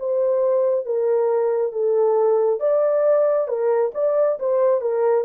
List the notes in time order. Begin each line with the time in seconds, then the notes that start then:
0.00 C5
0.86 A#4
1.73 A4
2.60 D5
3.48 A#4
3.95 D5
4.40 C5
4.82 A#4